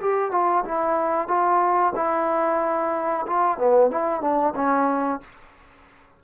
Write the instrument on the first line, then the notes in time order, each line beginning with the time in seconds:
trombone
0.00 G4
0.31 F4
0.65 E4
1.28 F4
1.95 E4
3.26 F4
3.58 B3
3.90 E4
4.21 D4
4.56 C#4